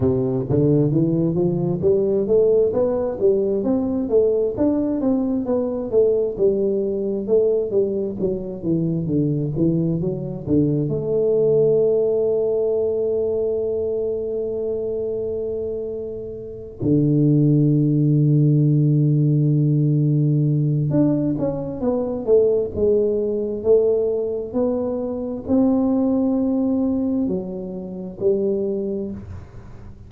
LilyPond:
\new Staff \with { instrumentName = "tuba" } { \time 4/4 \tempo 4 = 66 c8 d8 e8 f8 g8 a8 b8 g8 | c'8 a8 d'8 c'8 b8 a8 g4 | a8 g8 fis8 e8 d8 e8 fis8 d8 | a1~ |
a2~ a8 d4.~ | d2. d'8 cis'8 | b8 a8 gis4 a4 b4 | c'2 fis4 g4 | }